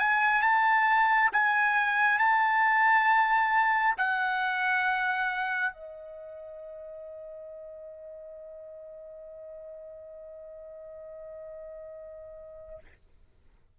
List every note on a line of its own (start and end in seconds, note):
0.00 0.42 G#5
0.42 1.30 A5
1.33 2.19 G#5
2.19 3.95 A5
3.98 5.74 F#5
5.74 12.79 D#5